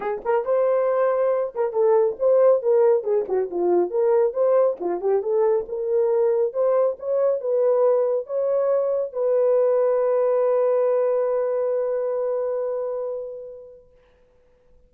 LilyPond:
\new Staff \with { instrumentName = "horn" } { \time 4/4 \tempo 4 = 138 gis'8 ais'8 c''2~ c''8 ais'8 | a'4 c''4 ais'4 gis'8 fis'8 | f'4 ais'4 c''4 f'8 g'8 | a'4 ais'2 c''4 |
cis''4 b'2 cis''4~ | cis''4 b'2.~ | b'1~ | b'1 | }